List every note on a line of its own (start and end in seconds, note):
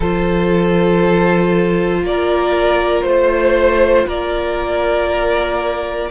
0.00 2.01 F3
0.00 6.10 F4
0.00 2.00 A4
0.00 2.04 C5
2.01 3.03 A#3
2.01 3.01 D5
2.08 3.06 A#4
3.01 4.06 A3
3.01 4.03 C5
3.01 4.07 C5
4.06 6.10 A#3
4.06 6.10 A#4
4.06 6.10 D5